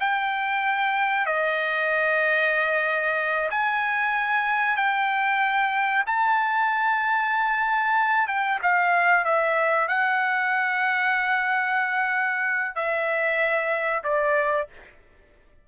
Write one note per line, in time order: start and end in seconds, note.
0.00 1.26 G5
1.26 3.49 D#5
3.50 4.76 G#5
4.76 6.04 G5
6.06 8.27 A5
8.27 8.59 G5
8.62 9.25 F5
9.25 9.88 E5
9.88 12.75 F#5
12.75 14.03 E5
14.04 14.68 D5